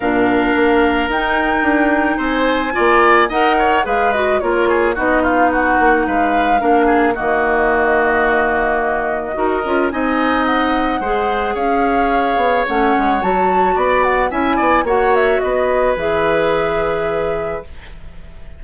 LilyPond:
<<
  \new Staff \with { instrumentName = "flute" } { \time 4/4 \tempo 4 = 109 f''2 g''2 | gis''2 fis''4 f''8 dis''8 | cis''4 dis''8 f''8 fis''4 f''4~ | f''4 dis''2.~ |
dis''2 gis''4 fis''4~ | fis''4 f''2 fis''4 | a''4 b''8 fis''8 gis''4 fis''8 e''8 | dis''4 e''2. | }
  \new Staff \with { instrumentName = "oboe" } { \time 4/4 ais'1 | c''4 d''4 dis''8 cis''8 b'4 | ais'8 gis'8 fis'8 f'8 fis'4 b'4 | ais'8 gis'8 fis'2.~ |
fis'4 ais'4 dis''2 | c''4 cis''2.~ | cis''4 d''4 e''8 d''8 cis''4 | b'1 | }
  \new Staff \with { instrumentName = "clarinet" } { \time 4/4 d'2 dis'2~ | dis'4 f'4 ais'4 gis'8 fis'8 | f'4 dis'2. | d'4 ais2.~ |
ais4 fis'8 f'8 dis'2 | gis'2. cis'4 | fis'2 e'4 fis'4~ | fis'4 gis'2. | }
  \new Staff \with { instrumentName = "bassoon" } { \time 4/4 ais,4 ais4 dis'4 d'4 | c'4 ais4 dis'4 gis4 | ais4 b4. ais8 gis4 | ais4 dis2.~ |
dis4 dis'8 cis'8 c'2 | gis4 cis'4. b8 a8 gis8 | fis4 b4 cis'8 b8 ais4 | b4 e2. | }
>>